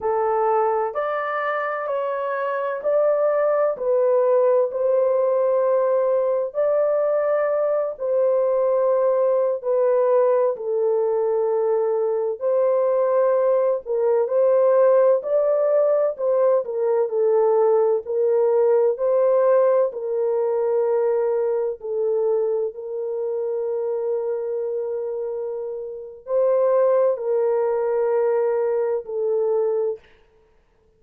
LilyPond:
\new Staff \with { instrumentName = "horn" } { \time 4/4 \tempo 4 = 64 a'4 d''4 cis''4 d''4 | b'4 c''2 d''4~ | d''8 c''4.~ c''16 b'4 a'8.~ | a'4~ a'16 c''4. ais'8 c''8.~ |
c''16 d''4 c''8 ais'8 a'4 ais'8.~ | ais'16 c''4 ais'2 a'8.~ | a'16 ais'2.~ ais'8. | c''4 ais'2 a'4 | }